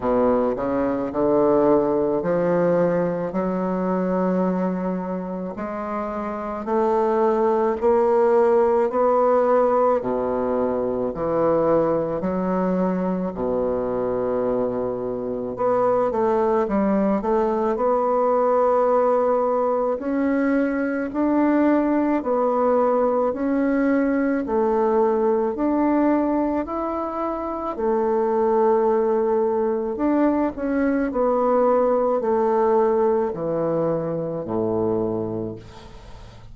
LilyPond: \new Staff \with { instrumentName = "bassoon" } { \time 4/4 \tempo 4 = 54 b,8 cis8 d4 f4 fis4~ | fis4 gis4 a4 ais4 | b4 b,4 e4 fis4 | b,2 b8 a8 g8 a8 |
b2 cis'4 d'4 | b4 cis'4 a4 d'4 | e'4 a2 d'8 cis'8 | b4 a4 e4 a,4 | }